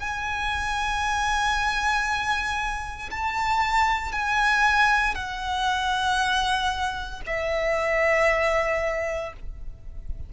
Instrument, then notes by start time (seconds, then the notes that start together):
violin
0.00 G#5
3.11 A5
4.12 G#5
5.15 F#5
7.26 E5